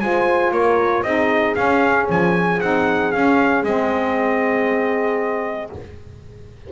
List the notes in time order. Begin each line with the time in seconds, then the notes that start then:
0.00 G#3 F4 C5 G#5
0.51 A#3 A#4 C#5
1.03 C4 D#4 G#4 D#5
1.55 C#4 F5
2.09 F3 G#5
2.60 C4 D#4 F#5
3.12 C#4 F5
3.63 G#3 C4 D#5